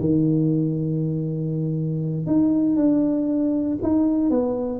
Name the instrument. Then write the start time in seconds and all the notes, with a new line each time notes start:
tuba
0.00 D#3
2.27 D#4
2.76 D4
3.83 D#4
4.31 B3